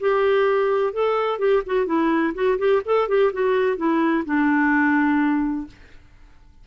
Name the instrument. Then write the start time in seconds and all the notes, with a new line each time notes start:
clarinet
0.00 G4
0.93 A4
1.39 G4
1.66 F#4
1.86 E4
2.34 F#4
2.58 G4
2.85 A4
3.08 G4
3.33 F#4
3.77 E4
4.25 D4